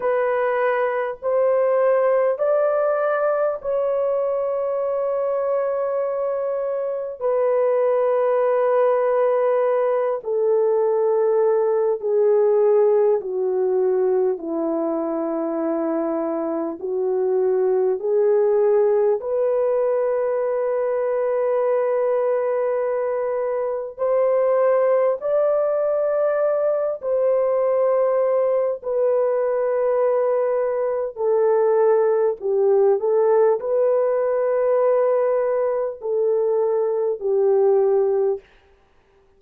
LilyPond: \new Staff \with { instrumentName = "horn" } { \time 4/4 \tempo 4 = 50 b'4 c''4 d''4 cis''4~ | cis''2 b'2~ | b'8 a'4. gis'4 fis'4 | e'2 fis'4 gis'4 |
b'1 | c''4 d''4. c''4. | b'2 a'4 g'8 a'8 | b'2 a'4 g'4 | }